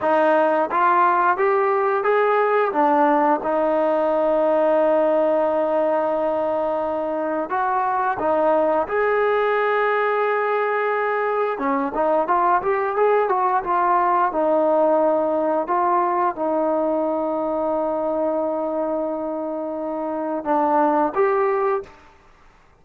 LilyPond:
\new Staff \with { instrumentName = "trombone" } { \time 4/4 \tempo 4 = 88 dis'4 f'4 g'4 gis'4 | d'4 dis'2.~ | dis'2. fis'4 | dis'4 gis'2.~ |
gis'4 cis'8 dis'8 f'8 g'8 gis'8 fis'8 | f'4 dis'2 f'4 | dis'1~ | dis'2 d'4 g'4 | }